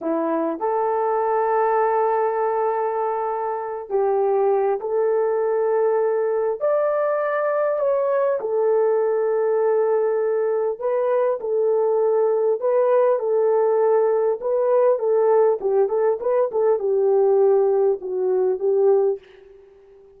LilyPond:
\new Staff \with { instrumentName = "horn" } { \time 4/4 \tempo 4 = 100 e'4 a'2.~ | a'2~ a'8 g'4. | a'2. d''4~ | d''4 cis''4 a'2~ |
a'2 b'4 a'4~ | a'4 b'4 a'2 | b'4 a'4 g'8 a'8 b'8 a'8 | g'2 fis'4 g'4 | }